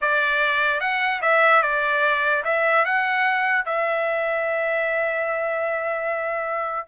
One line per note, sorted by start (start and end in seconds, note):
0.01 0.80 D5
0.80 1.20 F#5
1.21 1.62 E5
1.62 2.43 D5
2.44 2.85 E5
2.85 3.65 F#5
3.65 6.88 E5